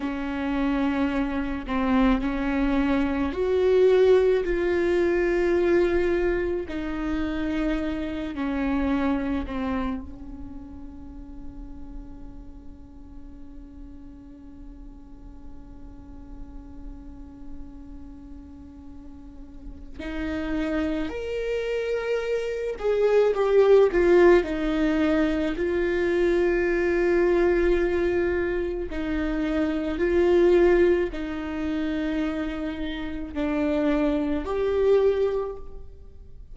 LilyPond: \new Staff \with { instrumentName = "viola" } { \time 4/4 \tempo 4 = 54 cis'4. c'8 cis'4 fis'4 | f'2 dis'4. cis'8~ | cis'8 c'8 cis'2.~ | cis'1~ |
cis'2 dis'4 ais'4~ | ais'8 gis'8 g'8 f'8 dis'4 f'4~ | f'2 dis'4 f'4 | dis'2 d'4 g'4 | }